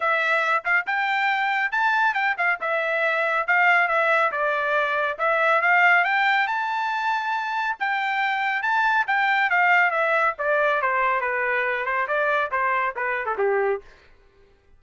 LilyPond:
\new Staff \with { instrumentName = "trumpet" } { \time 4/4 \tempo 4 = 139 e''4. f''8 g''2 | a''4 g''8 f''8 e''2 | f''4 e''4 d''2 | e''4 f''4 g''4 a''4~ |
a''2 g''2 | a''4 g''4 f''4 e''4 | d''4 c''4 b'4. c''8 | d''4 c''4 b'8. a'16 g'4 | }